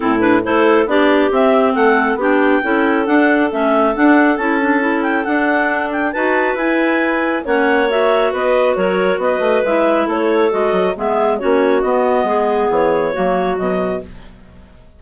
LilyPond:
<<
  \new Staff \with { instrumentName = "clarinet" } { \time 4/4 \tempo 4 = 137 a'8 b'8 c''4 d''4 e''4 | fis''4 g''2 fis''4 | e''4 fis''4 a''4. g''8 | fis''4. g''8 a''4 gis''4~ |
gis''4 fis''4 e''4 dis''4 | cis''4 dis''4 e''4 cis''4 | dis''4 e''4 cis''4 dis''4~ | dis''4 cis''2 dis''4 | }
  \new Staff \with { instrumentName = "clarinet" } { \time 4/4 e'4 a'4 g'2 | a'4 g'4 a'2~ | a'1~ | a'2 b'2~ |
b'4 cis''2 b'4 | ais'4 b'2 a'4~ | a'4 gis'4 fis'2 | gis'2 fis'2 | }
  \new Staff \with { instrumentName = "clarinet" } { \time 4/4 c'8 d'8 e'4 d'4 c'4~ | c'4 d'4 e'4 d'4 | cis'4 d'4 e'8 d'8 e'4 | d'2 fis'4 e'4~ |
e'4 cis'4 fis'2~ | fis'2 e'2 | fis'4 b4 cis'4 b4~ | b2 ais4 fis4 | }
  \new Staff \with { instrumentName = "bassoon" } { \time 4/4 a,4 a4 b4 c'4 | a4 b4 cis'4 d'4 | a4 d'4 cis'2 | d'2 dis'4 e'4~ |
e'4 ais2 b4 | fis4 b8 a8 gis4 a4 | gis8 fis8 gis4 ais4 b4 | gis4 e4 fis4 b,4 | }
>>